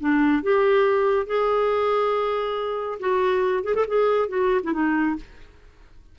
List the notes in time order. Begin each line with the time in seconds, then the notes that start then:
0.00 D4
0.43 G4
1.26 G#4
2.99 F#4
3.64 G#4
3.75 A4
3.88 G#4
4.28 F#4
4.63 E4
4.73 D#4